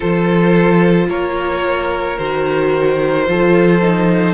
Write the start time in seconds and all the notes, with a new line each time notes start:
0.00 F3 F4 A4 C5
1.08 A#3 A#4 C#5
2.18 D#3 F#4 C5
3.26 F3 F4 A4
3.81 D#4